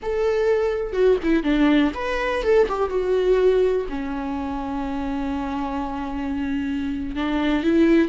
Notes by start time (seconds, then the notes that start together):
0.02 A4
0.92 F#4
1.23 E4
1.43 D4
1.94 B4
2.43 A4
2.68 G4
2.89 F#4
3.89 C#4
7.15 D4
7.63 E4